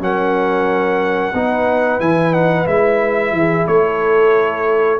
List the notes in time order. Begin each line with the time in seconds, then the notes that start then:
0.00 F#3 C#4 A#4 F#5
1.34 B3 D#4 B4
2.00 E3 E4 G#5
2.34 D#4 F#5
2.66 G#3 E4 E5
3.32 E3 G#4
3.67 A3 A4 C#5